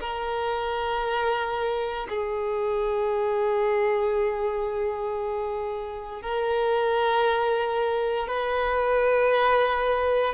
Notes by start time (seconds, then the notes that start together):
0.00 A#4
2.09 G#4
6.22 A#4
8.28 B4